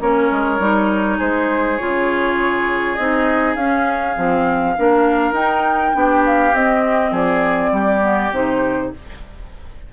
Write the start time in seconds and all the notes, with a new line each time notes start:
0.00 A#3 C#4 A#4 C#5
0.31 G#3
0.59 G3 D#4
1.17 G#3 G#4 C5
1.77 C#3 F4 C#5
2.95 C4 D#4 D#5
3.55 C#4 F5
4.16 F3 C4
4.77 A#3 D4 A#4
5.32 D#4 G5
5.93 B3 D4 G4
6.25 F5
6.53 C4 D#5
7.11 F3 G#4 D5
7.72 G3 G4
8.01 B3
8.31 C3 D#4 C5